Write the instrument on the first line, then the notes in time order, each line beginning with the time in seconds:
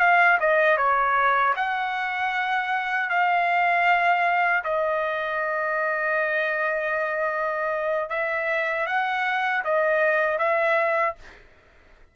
trumpet
0.00 F5
0.40 D#5
0.77 C#5
1.56 F#5
3.10 F5
4.64 D#5
8.10 E5
8.87 F#5
9.65 D#5
10.39 E5